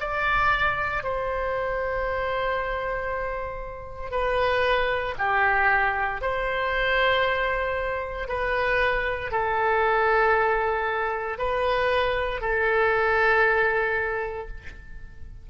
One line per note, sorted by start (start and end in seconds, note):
0.00 1.03 D5
1.03 4.11 C5
4.11 5.14 B4
5.18 6.21 G4
6.21 8.28 C5
8.28 9.32 B4
9.32 11.38 A4
11.38 12.41 B4
12.41 14.48 A4